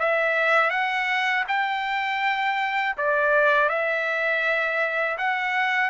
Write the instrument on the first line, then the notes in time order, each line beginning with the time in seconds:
trumpet
0.00 E5
0.71 F#5
1.48 G5
2.98 D5
3.70 E5
5.19 F#5